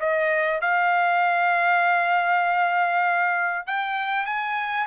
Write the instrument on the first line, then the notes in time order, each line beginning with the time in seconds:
trumpet
0.00 D#5
0.61 F5
3.67 G5
4.26 G#5